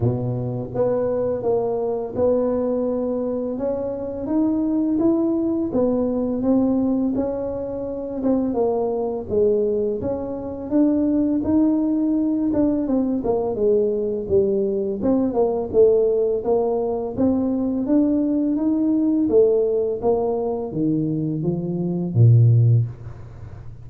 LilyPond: \new Staff \with { instrumentName = "tuba" } { \time 4/4 \tempo 4 = 84 b,4 b4 ais4 b4~ | b4 cis'4 dis'4 e'4 | b4 c'4 cis'4. c'8 | ais4 gis4 cis'4 d'4 |
dis'4. d'8 c'8 ais8 gis4 | g4 c'8 ais8 a4 ais4 | c'4 d'4 dis'4 a4 | ais4 dis4 f4 ais,4 | }